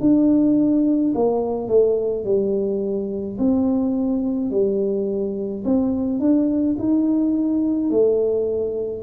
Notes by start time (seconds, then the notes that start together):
0.00 D4
1.14 A#3
1.68 A3
2.24 G3
3.38 C4
4.50 G3
5.64 C4
6.19 D4
6.78 D#4
7.90 A3